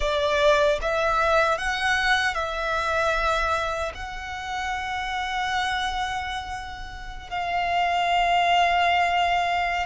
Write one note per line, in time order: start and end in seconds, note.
0.00 0.79 D5
0.81 1.58 E5
1.58 2.34 F#5
2.34 3.92 E5
3.94 7.30 F#5
7.30 9.86 F5